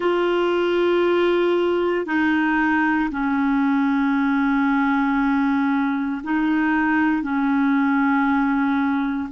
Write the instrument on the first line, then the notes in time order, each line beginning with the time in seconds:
clarinet
0.00 F4
2.05 D#4
3.11 C#4
6.24 D#4
7.22 C#4